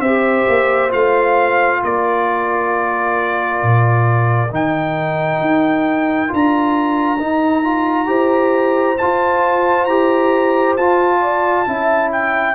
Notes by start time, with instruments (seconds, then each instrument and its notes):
0.00 tuba C4, trombone G4, horn C5, trumpet E5
0.49 tuba A#3
0.90 tuba A3, trombone F4, trumpet F5
1.81 tuba A#3, horn A#4, trumpet D5
3.62 tuba A#2
4.51 tuba D#3, trombone D#4, trumpet G5
5.40 tuba D#4
6.28 tuba D4, trombone F4, trumpet A#5
7.19 trombone D#4, tuba D#4
7.64 trombone F4
8.06 tuba E4, trombone G4, horn C5
8.98 trombone F4, tuba F4, trumpet A5
9.85 tuba E4, trombone G4, trumpet A#5
10.77 tuba F4, trombone F4, trumpet A5
11.21 horn D5
11.67 tuba C#4, trombone E4, horn E5
12.12 trumpet G5